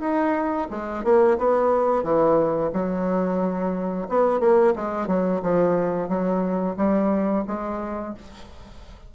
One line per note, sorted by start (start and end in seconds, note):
0.00 0.67 D#4
0.70 1.04 G#3
1.04 1.38 A#3
1.38 2.03 B3
2.03 2.71 E3
2.73 4.08 F#3
4.09 4.40 B3
4.40 4.74 A#3
4.76 5.07 G#3
5.07 5.41 F#3
5.42 6.08 F3
6.08 6.76 F#3
6.77 7.44 G3
7.47 8.15 G#3